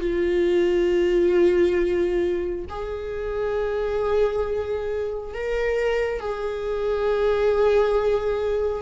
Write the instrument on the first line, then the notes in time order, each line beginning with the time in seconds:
viola
0.00 F4
2.69 G#4
5.34 A#4
6.20 G#4